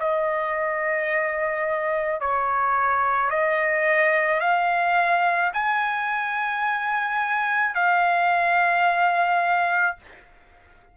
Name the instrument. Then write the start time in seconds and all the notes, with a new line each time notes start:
trumpet
0.00 D#5
2.21 C#5
3.31 D#5
4.41 F5
5.54 G#5
7.75 F5